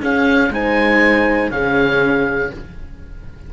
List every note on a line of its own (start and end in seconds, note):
0.00 0.50 C#4
0.00 0.50 G#4
0.00 0.53 F5
0.50 1.50 G#3
0.50 1.50 D#4
0.50 1.53 C5
0.50 1.51 G#5
1.50 2.50 C#3
1.50 2.50 C#4
1.50 2.53 G#4
1.50 2.51 F5